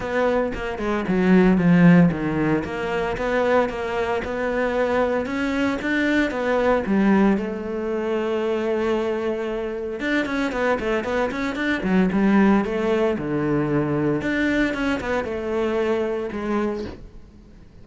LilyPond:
\new Staff \with { instrumentName = "cello" } { \time 4/4 \tempo 4 = 114 b4 ais8 gis8 fis4 f4 | dis4 ais4 b4 ais4 | b2 cis'4 d'4 | b4 g4 a2~ |
a2. d'8 cis'8 | b8 a8 b8 cis'8 d'8 fis8 g4 | a4 d2 d'4 | cis'8 b8 a2 gis4 | }